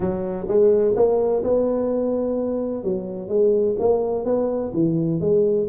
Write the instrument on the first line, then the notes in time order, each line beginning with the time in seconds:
tuba
0.00 F#3
0.48 G#3
0.96 A#3
1.43 B3
2.83 F#3
3.28 G#3
3.79 A#3
4.24 B3
4.73 E3
5.20 G#3